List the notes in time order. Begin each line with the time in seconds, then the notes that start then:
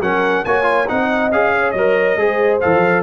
0.00 F#3 C#4 A#4 F#5
0.44 A#3 F#4 C#5 G#5
0.63 F4
0.88 C4 D#4 D#5 F#5
1.31 C#4 G#4 F5
1.54 C#5
1.71 F#3 D#5
1.78 A#4
2.16 G#3 G#4 C5
2.60 F3 A4 F5